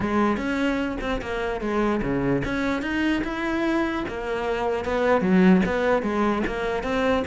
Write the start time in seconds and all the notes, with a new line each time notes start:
0.00 G#3
0.37 C#4
1.01 C4
1.21 A#3
1.60 G#3
2.02 C#3
2.44 C#4
2.82 D#4
3.24 E4
4.07 A#3
4.84 B3
5.21 F#3
5.65 B3
6.02 G#3
6.46 A#3
6.83 C4